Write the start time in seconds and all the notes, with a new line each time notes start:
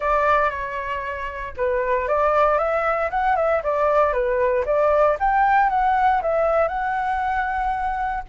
0.00 D5
0.50 C#5
1.56 B4
2.07 D5
2.58 E5
3.10 F#5
3.36 E5
3.63 D5
4.12 B4
4.65 D5
5.19 G5
5.69 F#5
6.21 E5
6.67 F#5